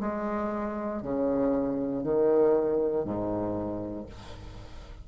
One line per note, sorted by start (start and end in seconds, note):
0.00 1.02 G#3
1.02 2.03 C#3
2.03 3.04 D#3
3.04 4.06 G#2